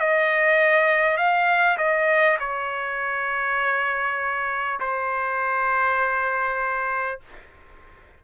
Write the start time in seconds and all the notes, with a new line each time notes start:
0.00 D#5
1.17 F5
1.78 D#5
2.40 C#5
4.81 C5